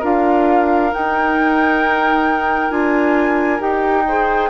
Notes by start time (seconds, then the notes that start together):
0.00 D4 F4 A#4 F5
0.92 D#4 G5
2.70 D4 F4 G#5
3.59 D#4 G4 G5
4.08 G#4 C5